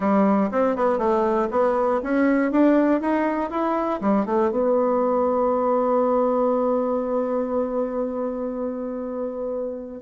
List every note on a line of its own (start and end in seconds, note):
0.00 0.50 G3
0.51 0.76 C4
0.76 0.98 B3
0.98 1.48 A3
1.50 2.00 B3
2.03 2.51 C#4
2.51 3.00 D4
3.00 3.50 D#4
3.50 4.00 E4
4.00 4.25 G3
4.25 4.50 A3
4.50 10.00 B3